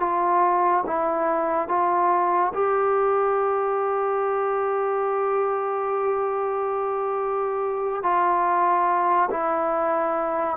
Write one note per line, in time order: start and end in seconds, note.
0.00 0.85 F4
0.87 1.69 E4
1.69 2.53 F4
2.54 8.03 G4
8.03 9.30 F4
9.31 10.57 E4